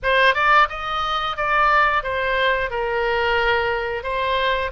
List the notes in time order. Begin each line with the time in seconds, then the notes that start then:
0.02 C5
0.34 D5
0.69 D#5
1.36 D5
2.03 C5
2.70 A#4
4.03 C5